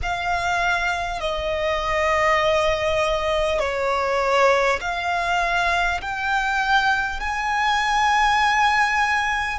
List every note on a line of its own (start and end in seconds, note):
0.02 1.20 F5
1.20 3.59 D#5
3.59 4.79 C#5
4.81 6.01 F5
6.01 7.20 G5
7.20 9.58 G#5